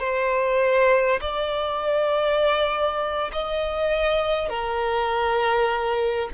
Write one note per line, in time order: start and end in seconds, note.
0.00 1.20 C5
1.22 3.32 D5
3.33 4.49 D#5
4.49 6.29 A#4